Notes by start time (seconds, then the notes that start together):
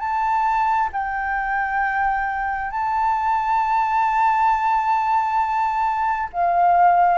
0.00 A5
0.92 G5
2.71 A5
6.33 F5